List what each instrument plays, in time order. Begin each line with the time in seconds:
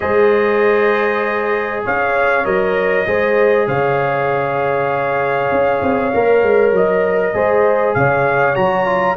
0.00 tuba G#3, trombone G#4, horn C5, trumpet D#5
1.84 tuba C#4, horn C#5, trumpet F5
2.43 tuba F#3, trombone A#4, trumpet D#5
3.06 tuba G#3, trombone G#4, horn C5
3.67 tuba C#3, horn C#5, trumpet F5
5.51 tuba C#4
5.82 tuba C4
6.13 tuba A#3, trombone A#4
6.42 tuba G#3
6.72 tuba F#3, trumpet D#5
7.34 tuba G#3, trombone G#4, horn C5
7.94 tuba C#3, horn C#5, trumpet F5
8.55 tuba F#3, trombone F#4, trumpet A#5
8.86 trombone F4